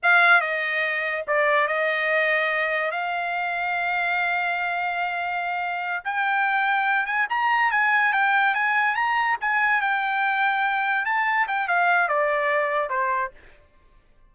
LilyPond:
\new Staff \with { instrumentName = "trumpet" } { \time 4/4 \tempo 4 = 144 f''4 dis''2 d''4 | dis''2. f''4~ | f''1~ | f''2~ f''8 g''4.~ |
g''4 gis''8 ais''4 gis''4 g''8~ | g''8 gis''4 ais''4 gis''4 g''8~ | g''2~ g''8 a''4 g''8 | f''4 d''2 c''4 | }